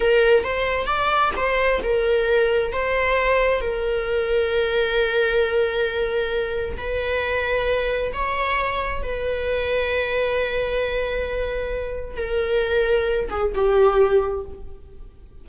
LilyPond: \new Staff \with { instrumentName = "viola" } { \time 4/4 \tempo 4 = 133 ais'4 c''4 d''4 c''4 | ais'2 c''2 | ais'1~ | ais'2. b'4~ |
b'2 cis''2 | b'1~ | b'2. ais'4~ | ais'4. gis'8 g'2 | }